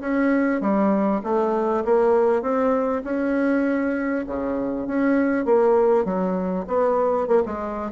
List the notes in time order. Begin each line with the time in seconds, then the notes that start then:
0.00 C#4
0.60 G3
1.23 A3
1.85 A#3
2.42 C4
3.04 C#4
4.26 C#3
4.87 C#4
5.45 A#3
6.04 F#3
6.67 B3
7.28 A#3
7.45 G#3